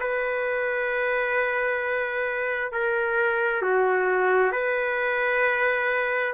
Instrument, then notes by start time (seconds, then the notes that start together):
trumpet
0.00 B4
2.72 A#4
3.62 F#4
4.52 B4